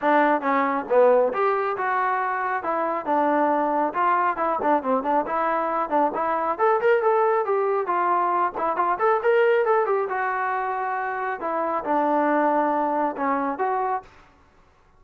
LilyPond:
\new Staff \with { instrumentName = "trombone" } { \time 4/4 \tempo 4 = 137 d'4 cis'4 b4 g'4 | fis'2 e'4 d'4~ | d'4 f'4 e'8 d'8 c'8 d'8 | e'4. d'8 e'4 a'8 ais'8 |
a'4 g'4 f'4. e'8 | f'8 a'8 ais'4 a'8 g'8 fis'4~ | fis'2 e'4 d'4~ | d'2 cis'4 fis'4 | }